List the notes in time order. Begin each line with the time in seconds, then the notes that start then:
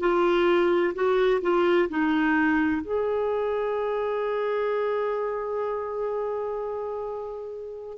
0.00 F4
0.95 F#4
1.42 F4
1.89 D#4
2.82 G#4